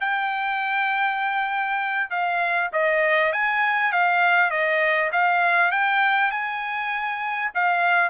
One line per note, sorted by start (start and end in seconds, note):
0.00 2.10 G5
2.10 2.70 F5
2.72 3.32 D#5
3.32 3.92 G#5
3.92 4.51 F5
4.51 5.11 D#5
5.12 5.71 F5
5.71 6.31 G5
6.31 7.51 G#5
7.54 8.09 F5